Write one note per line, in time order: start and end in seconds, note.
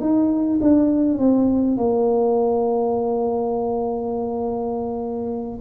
0.00 0.59 D#4
0.61 1.18 D4
1.18 1.77 C4
1.77 5.59 A#3